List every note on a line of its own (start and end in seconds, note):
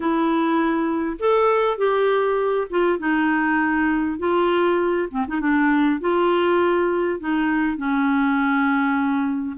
0.00 1.17 E4
1.19 1.77 A4
1.77 2.67 G4
2.70 2.98 F4
2.98 4.18 D#4
4.18 5.08 F4
5.11 5.26 C4
5.27 5.40 D#4
5.40 6.00 D4
6.00 7.20 F4
7.20 7.77 D#4
7.77 9.57 C#4